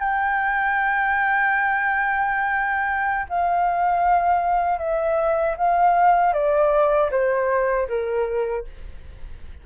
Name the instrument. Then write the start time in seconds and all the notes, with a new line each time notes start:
flute
0.00 G5
3.30 F5
4.79 E5
5.57 F5
6.34 D5
7.12 C5
7.88 A#4